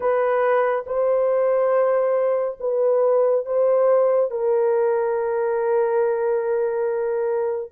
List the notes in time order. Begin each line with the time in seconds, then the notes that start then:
0.00 B4
0.86 C5
2.59 B4
3.45 C5
4.31 A#4